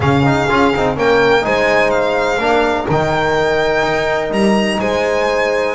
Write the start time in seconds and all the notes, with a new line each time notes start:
0.00 C#3 C#4 G#4 F5
0.25 D#4
0.49 C#4 F4
0.75 C4 D#4
0.95 A#3 C#4 A#4 G5
1.41 G#3 D#4 C5 G#5
1.90 F5
2.38 A#3 D4 A#4
2.89 D#3 D#4 G5
3.82 D#4
4.30 G3 A#5
4.79 G#3 C5 G#5